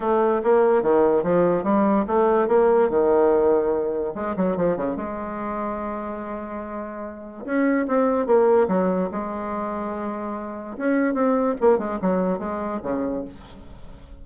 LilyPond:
\new Staff \with { instrumentName = "bassoon" } { \time 4/4 \tempo 4 = 145 a4 ais4 dis4 f4 | g4 a4 ais4 dis4~ | dis2 gis8 fis8 f8 cis8 | gis1~ |
gis2 cis'4 c'4 | ais4 fis4 gis2~ | gis2 cis'4 c'4 | ais8 gis8 fis4 gis4 cis4 | }